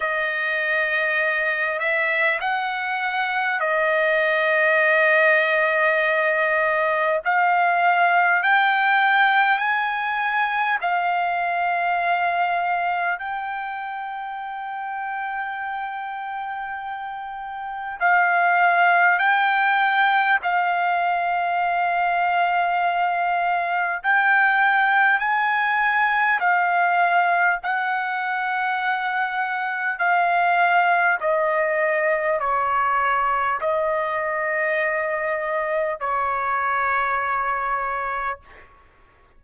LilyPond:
\new Staff \with { instrumentName = "trumpet" } { \time 4/4 \tempo 4 = 50 dis''4. e''8 fis''4 dis''4~ | dis''2 f''4 g''4 | gis''4 f''2 g''4~ | g''2. f''4 |
g''4 f''2. | g''4 gis''4 f''4 fis''4~ | fis''4 f''4 dis''4 cis''4 | dis''2 cis''2 | }